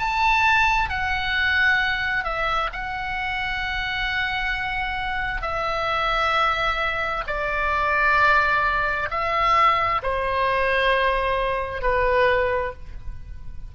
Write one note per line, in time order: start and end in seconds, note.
0.00 0.90 A5
0.90 2.24 F#5
2.24 2.70 E5
2.73 5.42 F#5
5.42 7.24 E5
7.27 9.09 D5
9.11 10.02 E5
10.03 11.82 C5
11.82 12.73 B4